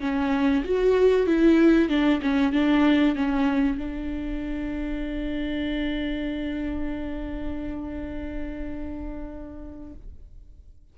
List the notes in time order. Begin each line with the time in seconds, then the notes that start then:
0.00 C#4
0.64 F#4
1.26 E4
1.89 D4
2.22 C#4
2.53 D4
3.16 C#4
3.78 D4